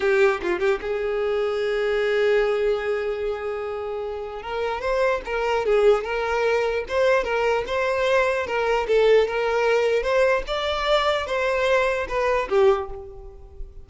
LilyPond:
\new Staff \with { instrumentName = "violin" } { \time 4/4 \tempo 4 = 149 g'4 f'8 g'8 gis'2~ | gis'1~ | gis'2. ais'4 | c''4 ais'4 gis'4 ais'4~ |
ais'4 c''4 ais'4 c''4~ | c''4 ais'4 a'4 ais'4~ | ais'4 c''4 d''2 | c''2 b'4 g'4 | }